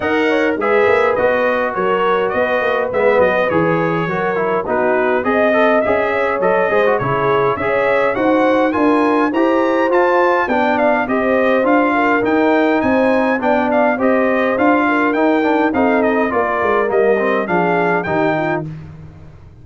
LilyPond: <<
  \new Staff \with { instrumentName = "trumpet" } { \time 4/4 \tempo 4 = 103 fis''4 e''4 dis''4 cis''4 | dis''4 e''8 dis''8 cis''2 | b'4 dis''4 e''4 dis''4 | cis''4 e''4 fis''4 gis''4 |
ais''4 a''4 g''8 f''8 dis''4 | f''4 g''4 gis''4 g''8 f''8 | dis''4 f''4 g''4 f''8 dis''8 | d''4 dis''4 f''4 g''4 | }
  \new Staff \with { instrumentName = "horn" } { \time 4/4 dis''8 cis''8 b'2 ais'4 | b'2. ais'4 | fis'4 dis''4. cis''4 c''8 | gis'4 cis''4 c''4 ais'4 |
c''2 d''4 c''4~ | c''8 ais'4. c''4 d''4 | c''4. ais'4. a'4 | ais'2 gis'4 g'8 f'8 | }
  \new Staff \with { instrumentName = "trombone" } { \time 4/4 ais'4 gis'4 fis'2~ | fis'4 b4 gis'4 fis'8 e'8 | dis'4 gis'8 a'8 gis'4 a'8 gis'16 fis'16 | e'4 gis'4 fis'4 f'4 |
g'4 f'4 d'4 g'4 | f'4 dis'2 d'4 | g'4 f'4 dis'8 d'8 dis'4 | f'4 ais8 c'8 d'4 dis'4 | }
  \new Staff \with { instrumentName = "tuba" } { \time 4/4 dis'4 gis8 ais8 b4 fis4 | b8 ais8 gis8 fis8 e4 fis4 | b4 c'4 cis'4 fis8 gis8 | cis4 cis'4 dis'4 d'4 |
e'4 f'4 b4 c'4 | d'4 dis'4 c'4 b4 | c'4 d'4 dis'4 c'4 | ais8 gis8 g4 f4 dis4 | }
>>